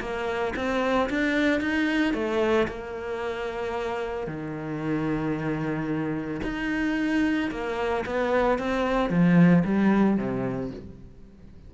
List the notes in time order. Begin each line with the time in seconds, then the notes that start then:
0.00 A#3
0.56 C4
1.10 D4
1.60 D#4
2.14 A3
2.68 A#3
4.27 D#3
6.43 D#4
7.51 A#3
8.06 B3
8.58 C4
9.10 F3
9.64 G3
10.17 C3